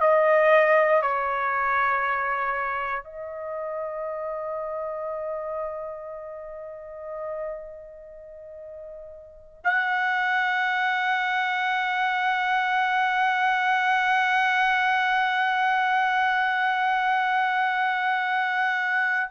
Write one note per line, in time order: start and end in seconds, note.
0.00 1.02 D#5
1.02 3.03 C#5
3.03 9.63 D#5
9.63 19.29 F#5